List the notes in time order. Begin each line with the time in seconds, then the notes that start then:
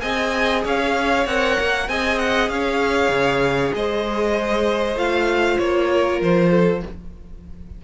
0.00 C4 G#4 D#5 G#5
0.64 C#4 C#5 F5
1.26 C4 A#4 F#5
1.60 A#3
1.88 C4 G#4 D#5 G#5
2.18 F#5
2.48 C#4 C#5 F5
3.09 C#3
3.75 G#3 C5 D#5
4.96 A3 F4 F5
5.58 A#3 C#5
5.91 A#4
6.21 F3 C5
6.50 A4